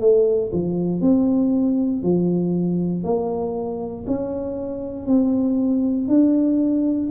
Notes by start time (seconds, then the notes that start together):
0.00 A3
0.53 F3
1.01 C4
2.02 F3
3.04 A#3
4.07 C#4
5.06 C4
6.08 D4